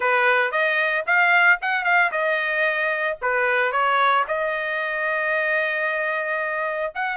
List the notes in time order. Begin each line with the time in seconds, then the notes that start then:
0.00 B4
0.51 D#5
1.06 F5
1.61 F#5
1.84 F5
2.11 D#5
3.21 B4
3.71 C#5
4.27 D#5
6.94 F#5